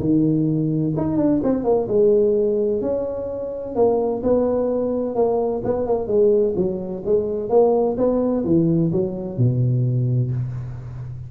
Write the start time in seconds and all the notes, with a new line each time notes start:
0.00 D#3
0.97 D#4
1.17 D4
1.44 C4
1.64 A#3
1.88 G#3
2.82 C#4
3.76 A#3
4.23 B3
5.16 A#3
5.64 B3
5.87 A#3
6.07 G#3
6.57 F#3
7.06 G#3
7.50 A#3
7.98 B3
8.45 E3
8.92 F#3
9.37 B2